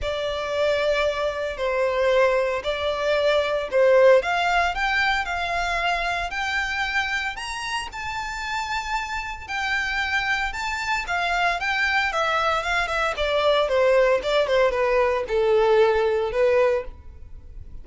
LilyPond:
\new Staff \with { instrumentName = "violin" } { \time 4/4 \tempo 4 = 114 d''2. c''4~ | c''4 d''2 c''4 | f''4 g''4 f''2 | g''2 ais''4 a''4~ |
a''2 g''2 | a''4 f''4 g''4 e''4 | f''8 e''8 d''4 c''4 d''8 c''8 | b'4 a'2 b'4 | }